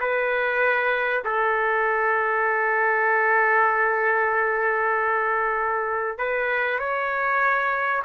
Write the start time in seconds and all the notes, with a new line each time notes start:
0.00 B4
1.24 A4
6.18 B4
6.79 C#5